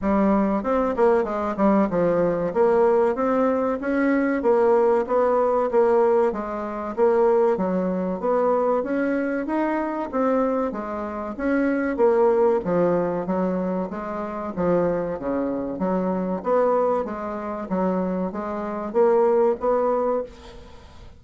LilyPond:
\new Staff \with { instrumentName = "bassoon" } { \time 4/4 \tempo 4 = 95 g4 c'8 ais8 gis8 g8 f4 | ais4 c'4 cis'4 ais4 | b4 ais4 gis4 ais4 | fis4 b4 cis'4 dis'4 |
c'4 gis4 cis'4 ais4 | f4 fis4 gis4 f4 | cis4 fis4 b4 gis4 | fis4 gis4 ais4 b4 | }